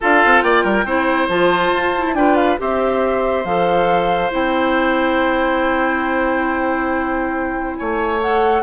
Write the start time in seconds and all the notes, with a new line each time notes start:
0.00 D4 F4 A4 F5
0.24 C4
0.41 A#3 D5 G5
0.63 G3 A#4
0.85 C4 E4 C5
1.28 F3 F4 A5
1.73 F4
1.96 E4
2.06 E4
2.14 D4 F4 B4 G5
2.35 F5
2.58 C4 G4 C5 E5
3.44 F3 A4 F5
4.30 C4 E4 G5
7.76 A3 C#5 G#5
8.21 A4 F#5